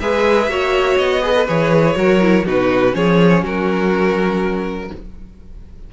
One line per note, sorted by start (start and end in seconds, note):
0.00 0.47 G#3
0.00 0.49 G#4
0.00 0.51 B4
0.00 0.98 E5
0.47 0.97 A#3
0.47 1.22 F#4
0.47 1.22 C#5
0.98 1.47 B3
0.98 1.47 D#5
1.22 1.35 G#4
1.22 1.96 B4
1.35 1.47 A4
1.47 1.96 E3
1.47 1.96 G#4
1.47 2.46 C#5
1.96 2.45 F#3
1.96 2.20 F#4
1.96 2.46 A#4
2.21 2.45 E4
2.46 2.95 B2
2.46 2.92 D#4
2.46 2.95 F#4
2.46 2.95 B4
2.92 3.43 F3
2.92 4.88 C#4
2.92 3.43 G#4
2.92 3.44 C#5
3.43 4.91 F#3
3.43 4.91 F#4
3.43 4.93 A#4